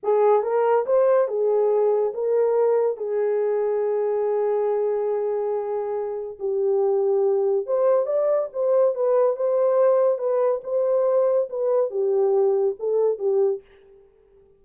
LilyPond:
\new Staff \with { instrumentName = "horn" } { \time 4/4 \tempo 4 = 141 gis'4 ais'4 c''4 gis'4~ | gis'4 ais'2 gis'4~ | gis'1~ | gis'2. g'4~ |
g'2 c''4 d''4 | c''4 b'4 c''2 | b'4 c''2 b'4 | g'2 a'4 g'4 | }